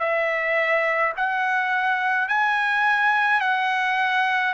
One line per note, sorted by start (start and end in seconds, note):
0.00 1.13 E5
1.17 2.28 F#5
2.28 3.41 G#5
3.41 4.54 F#5